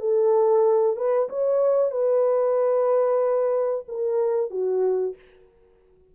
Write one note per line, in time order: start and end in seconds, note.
0.00 0.96 A4
0.96 1.29 B4
1.29 1.91 C#5
1.91 3.85 B4
3.88 4.50 A#4
4.50 5.15 F#4